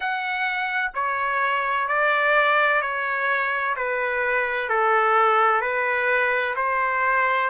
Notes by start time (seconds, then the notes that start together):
0.00 F#5
0.94 C#5
1.87 D5
2.81 C#5
3.76 B4
4.69 A4
5.61 B4
6.56 C5